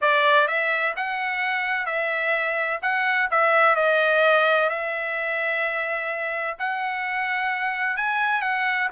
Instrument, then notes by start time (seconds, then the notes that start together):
trumpet
0.01 D5
0.47 E5
0.96 F#5
1.86 E5
2.82 F#5
3.30 E5
3.75 D#5
4.69 E5
6.58 F#5
7.97 G#5
8.41 F#5